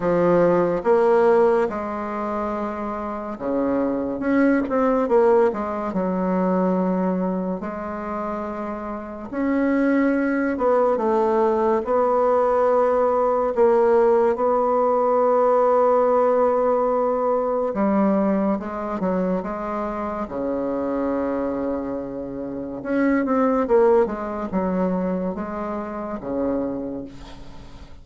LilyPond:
\new Staff \with { instrumentName = "bassoon" } { \time 4/4 \tempo 4 = 71 f4 ais4 gis2 | cis4 cis'8 c'8 ais8 gis8 fis4~ | fis4 gis2 cis'4~ | cis'8 b8 a4 b2 |
ais4 b2.~ | b4 g4 gis8 fis8 gis4 | cis2. cis'8 c'8 | ais8 gis8 fis4 gis4 cis4 | }